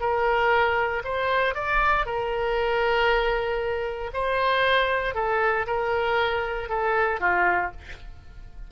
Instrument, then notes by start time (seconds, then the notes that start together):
oboe
0.00 A#4
1.04 C5
1.55 D5
2.06 A#4
4.13 C5
5.15 A4
5.67 A#4
6.69 A4
7.20 F4